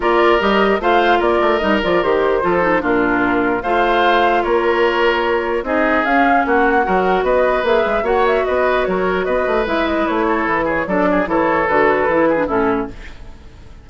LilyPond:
<<
  \new Staff \with { instrumentName = "flute" } { \time 4/4 \tempo 4 = 149 d''4 dis''4 f''4 d''4 | dis''8 d''8 c''2 ais'4~ | ais'4 f''2 cis''4~ | cis''2 dis''4 f''4 |
fis''2 dis''4 e''4 | fis''8 e''8 dis''4 cis''4 dis''4 | e''8 dis''8 cis''4 b'8 cis''8 d''4 | cis''4 b'2 a'4 | }
  \new Staff \with { instrumentName = "oboe" } { \time 4/4 ais'2 c''4 ais'4~ | ais'2 a'4 f'4~ | f'4 c''2 ais'4~ | ais'2 gis'2 |
fis'4 ais'4 b'2 | cis''4 b'4 ais'4 b'4~ | b'4. a'4 gis'8 a'8 gis'8 | a'2~ a'8 gis'8 e'4 | }
  \new Staff \with { instrumentName = "clarinet" } { \time 4/4 f'4 g'4 f'2 | dis'8 f'8 g'4 f'8 dis'8 d'4~ | d'4 f'2.~ | f'2 dis'4 cis'4~ |
cis'4 fis'2 gis'4 | fis'1 | e'2. d'4 | e'4 fis'4 e'8. d'16 cis'4 | }
  \new Staff \with { instrumentName = "bassoon" } { \time 4/4 ais4 g4 a4 ais8 a8 | g8 f8 dis4 f4 ais,4~ | ais,4 a2 ais4~ | ais2 c'4 cis'4 |
ais4 fis4 b4 ais8 gis8 | ais4 b4 fis4 b8 a8 | gis4 a4 e4 fis4 | e4 d4 e4 a,4 | }
>>